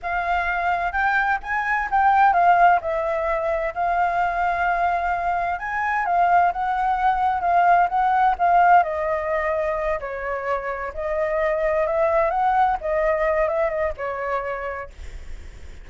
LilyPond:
\new Staff \with { instrumentName = "flute" } { \time 4/4 \tempo 4 = 129 f''2 g''4 gis''4 | g''4 f''4 e''2 | f''1 | gis''4 f''4 fis''2 |
f''4 fis''4 f''4 dis''4~ | dis''4. cis''2 dis''8~ | dis''4. e''4 fis''4 dis''8~ | dis''4 e''8 dis''8 cis''2 | }